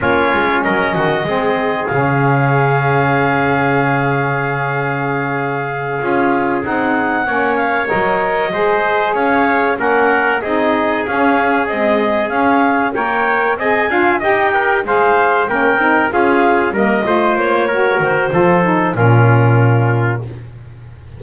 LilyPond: <<
  \new Staff \with { instrumentName = "clarinet" } { \time 4/4 \tempo 4 = 95 cis''4 dis''2 f''4~ | f''1~ | f''2~ f''8 fis''4. | f''8 dis''2 f''4 fis''8~ |
fis''8 dis''4 f''4 dis''4 f''8~ | f''8 g''4 gis''4 g''4 f''8~ | f''8 g''4 f''4 dis''4 cis''8~ | cis''8 c''4. ais'2 | }
  \new Staff \with { instrumentName = "trumpet" } { \time 4/4 f'4 ais'8 fis'8 gis'2~ | gis'1~ | gis'2.~ gis'8 cis''8~ | cis''4. c''4 cis''4 ais'8~ |
ais'8 gis'2.~ gis'8~ | gis'8 cis''4 dis''8 f''8 dis''8 ais'8 c''8~ | c''8 ais'4 gis'4 ais'8 c''4 | ais'4 a'4 f'2 | }
  \new Staff \with { instrumentName = "saxophone" } { \time 4/4 cis'2 c'4 cis'4~ | cis'1~ | cis'4. f'4 dis'4 cis'8~ | cis'8 ais'4 gis'2 cis'8~ |
cis'8 dis'4 cis'4 gis4 cis'8~ | cis'8 ais'4 gis'8 f'8 g'4 gis'8~ | gis'8 cis'8 dis'8 f'4 ais8 f'4 | fis'4 f'8 dis'8 cis'2 | }
  \new Staff \with { instrumentName = "double bass" } { \time 4/4 ais8 gis8 fis8 dis8 gis4 cis4~ | cis1~ | cis4. cis'4 c'4 ais8~ | ais8 fis4 gis4 cis'4 ais8~ |
ais8 c'4 cis'4 c'4 cis'8~ | cis'8 ais4 c'8 d'8 dis'4 gis8~ | gis8 ais8 c'8 cis'4 g8 a8 ais8~ | ais8 dis8 f4 ais,2 | }
>>